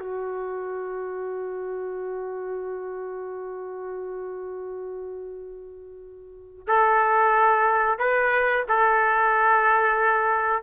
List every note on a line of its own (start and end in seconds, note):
0.00 6.67 F#4
6.68 7.99 A4
7.99 8.65 B4
8.69 10.63 A4